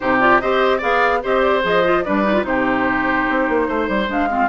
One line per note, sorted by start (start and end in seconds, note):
0.00 0.42 C3
0.00 0.20 D#4
0.00 0.41 G4
0.00 0.20 C5
0.20 0.40 F4
0.20 0.40 D5
0.40 0.81 C4
0.40 0.80 G4
0.40 0.77 C5
0.40 0.81 D#5
0.77 1.22 B3
0.77 1.21 G#4
0.77 1.18 D5
0.77 1.23 F5
1.22 1.63 C4
1.22 1.62 G4
1.22 2.04 C5
1.22 1.41 D#5
1.41 1.61 D5
1.62 2.04 F3
1.62 1.82 G#4
1.62 2.03 D#5
1.84 2.04 F4
2.03 2.44 G3
2.03 2.23 D4
2.03 2.45 B4
2.03 2.43 D5
2.23 2.33 D#4
2.33 2.43 F4
2.43 3.25 C3
2.43 4.06 D#4
2.43 3.67 G4
2.43 4.08 C5
3.28 3.48 C4
3.48 3.68 A#3
3.67 3.88 A3
3.67 4.28 C5
3.88 4.08 G3
4.08 4.48 G#3
4.08 4.28 D4
4.08 4.48 F5
4.28 4.48 C4
4.28 4.48 F4